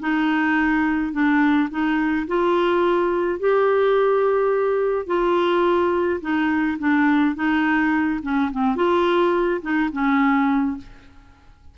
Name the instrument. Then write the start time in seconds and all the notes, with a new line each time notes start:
clarinet
0.00 D#4
1.13 D4
1.71 D#4
2.28 F4
3.40 G4
5.07 F4
6.22 D#4
6.80 D4
7.36 D#4
8.23 C#4
8.52 C4
8.76 F4
9.62 D#4
9.93 C#4